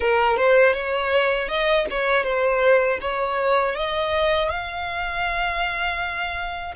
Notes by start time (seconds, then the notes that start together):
0.00 A#4
0.36 C5
0.73 C#5
1.48 D#5
1.90 C#5
2.23 C5
3.01 C#5
3.75 D#5
4.49 F5